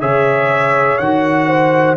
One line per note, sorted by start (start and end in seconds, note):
0.00 0.98 C#3
0.00 0.99 G#4
0.00 1.47 C#5
0.00 0.98 E5
0.98 1.96 D#3
0.98 1.96 F#4
0.98 1.96 F#5
1.47 1.96 C5